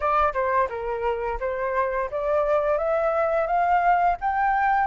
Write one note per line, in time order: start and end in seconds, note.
0.00 0.33 D5
0.33 0.68 C5
0.68 1.38 A#4
1.40 2.09 C5
2.10 2.77 D5
2.77 3.46 E5
3.46 4.16 F5
4.20 4.87 G5